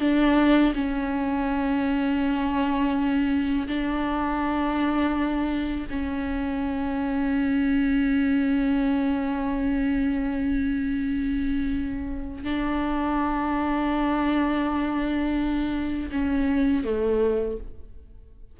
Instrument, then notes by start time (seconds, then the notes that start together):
viola
0.00 D4
0.74 C#4
3.68 D4
5.90 C#4
12.44 D4
16.11 C#4
16.84 A3